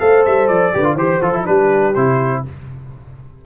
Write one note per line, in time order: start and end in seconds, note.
0.00 0.26 A3
0.00 0.73 A4
0.00 0.74 C5
0.00 0.24 F5
0.25 0.49 G3
0.25 0.47 E5
0.47 0.74 F3
0.47 0.96 D5
0.73 0.94 D3
0.73 0.84 G4
0.73 0.95 B4
0.84 0.96 F4
0.94 1.18 E3
0.94 1.22 G4
0.94 1.43 C5
0.94 1.22 C5
1.22 1.46 F3
1.22 1.34 F4
1.22 1.46 A4
1.34 1.45 E4
1.45 1.96 G3
1.45 1.94 D4
1.45 2.44 G4
1.45 1.95 B4
1.95 2.45 C3
1.95 2.46 E4
1.95 2.43 C5